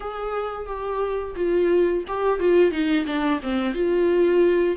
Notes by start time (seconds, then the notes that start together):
0.00 G#4
0.66 G4
1.35 F4
2.07 G4
2.39 F4
2.71 D#4
3.06 D4
3.42 C4
3.73 F4